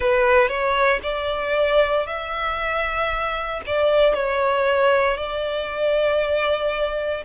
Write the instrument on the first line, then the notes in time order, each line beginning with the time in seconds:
violin
0.00 B4
0.48 C#5
1.03 D5
2.06 E5
3.66 D5
4.14 C#5
5.17 D5